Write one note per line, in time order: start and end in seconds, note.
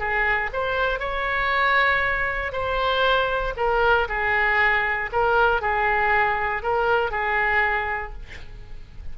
0.00 0.51 G#4
0.53 1.00 C5
1.00 2.52 C#5
2.53 3.54 C5
3.57 4.08 A#4
4.09 5.11 G#4
5.13 5.62 A#4
5.62 6.63 G#4
6.63 7.12 A#4
7.12 8.13 G#4